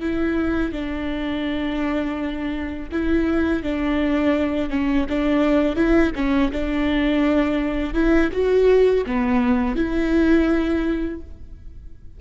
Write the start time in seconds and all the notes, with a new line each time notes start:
0.00 E4
0.72 D4
2.91 E4
3.63 D4
4.70 C#4
5.09 D4
5.75 E4
6.15 C#4
6.52 D4
7.94 E4
8.32 F#4
9.06 B3
9.76 E4